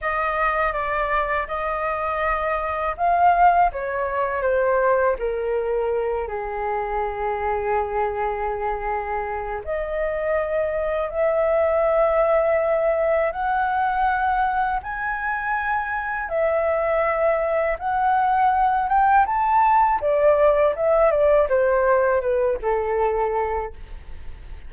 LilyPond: \new Staff \with { instrumentName = "flute" } { \time 4/4 \tempo 4 = 81 dis''4 d''4 dis''2 | f''4 cis''4 c''4 ais'4~ | ais'8 gis'2.~ gis'8~ | gis'4 dis''2 e''4~ |
e''2 fis''2 | gis''2 e''2 | fis''4. g''8 a''4 d''4 | e''8 d''8 c''4 b'8 a'4. | }